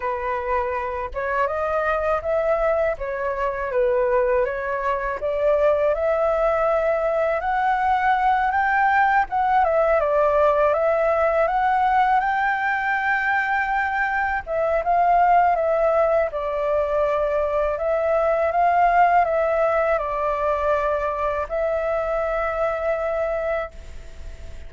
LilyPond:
\new Staff \with { instrumentName = "flute" } { \time 4/4 \tempo 4 = 81 b'4. cis''8 dis''4 e''4 | cis''4 b'4 cis''4 d''4 | e''2 fis''4. g''8~ | g''8 fis''8 e''8 d''4 e''4 fis''8~ |
fis''8 g''2. e''8 | f''4 e''4 d''2 | e''4 f''4 e''4 d''4~ | d''4 e''2. | }